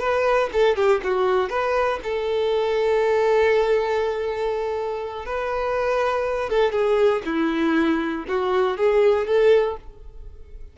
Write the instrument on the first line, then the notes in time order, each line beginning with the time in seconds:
violin
0.00 B4
0.53 A4
0.76 G4
1.04 F#4
1.50 B4
2.04 A4
5.26 B4
6.50 A4
6.72 G#4
7.25 E4
8.28 F#4
8.77 G#4
9.27 A4